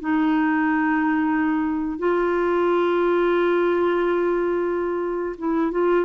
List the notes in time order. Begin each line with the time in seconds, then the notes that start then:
0.00 D#4
1.99 F4
5.38 E4
5.72 F4